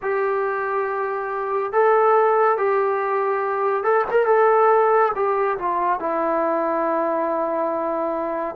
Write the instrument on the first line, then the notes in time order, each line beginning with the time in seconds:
trombone
0.02 G4
1.72 A4
2.57 G4
3.83 A4
4.10 A#4
4.26 A4
5.15 G4
5.58 F4
5.99 E4